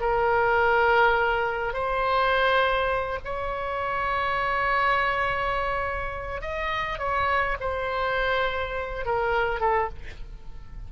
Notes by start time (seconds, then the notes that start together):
0.00 A#4
1.73 C5
3.24 C#5
6.41 D#5
6.98 C#5
7.60 C5
9.06 A#4
9.60 A4